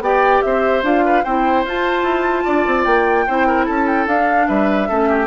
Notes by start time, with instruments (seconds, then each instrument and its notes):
0.00 bassoon B3, clarinet G4, oboe D5, flute G5
0.42 bassoon C4, oboe C5, flute E5
0.82 bassoon D4, clarinet F4, flute F5
1.05 oboe B4
1.24 bassoon C4, clarinet E4, oboe C5, flute G5
1.64 bassoon F4, clarinet F4, flute A5
2.03 bassoon E4
2.44 bassoon D4, oboe D5
2.66 bassoon C4
2.84 bassoon A#3, flute G5
3.27 bassoon C4, clarinet E4, oboe C5
3.47 oboe A#4
3.65 bassoon C#4, oboe A4, flute A5
3.87 flute G5
4.06 bassoon D4, clarinet D4, flute F5
4.47 bassoon G3, oboe B4, flute E5
4.88 bassoon A3, clarinet C#4, oboe A4
5.08 oboe G4